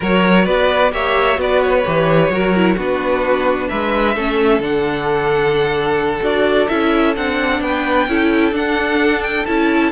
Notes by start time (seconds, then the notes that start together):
0.00 F#3 F#4 A#4 C#5
0.45 B3 B4 D5
0.91 A#3 G4 C#5 E5
1.35 B3 F#4 B4 D5
1.62 C#5
1.85 E3 G4
2.29 F#3 F#4 A#4
2.55 E4
2.75 B3 D4 F#4 B4
3.68 G#3 B4 E5
4.15 A3 C#4 A4
4.59 D3 D4 F#5
6.22 D4 F#4 D5
6.68 C#4 E4 E5
7.16 C4 D4 F#5
7.60 B3 B4 G5
8.07 C#4 E4 A4
8.52 D4 F#5
9.22 G5
9.45 C#4 E4 A5